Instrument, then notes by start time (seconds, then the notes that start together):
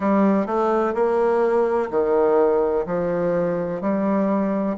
bassoon
0.00 G3
0.46 A3
0.94 A#3
1.90 D#3
2.86 F3
3.81 G3